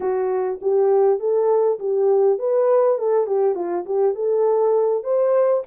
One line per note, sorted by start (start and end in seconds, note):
0.00 0.59 F#4
0.61 1.19 G4
1.19 1.78 A4
1.79 2.38 G4
2.38 2.98 B4
2.98 3.26 A4
3.26 3.55 G4
3.55 3.85 F4
3.85 4.14 G4
4.14 5.03 A4
5.03 5.63 C5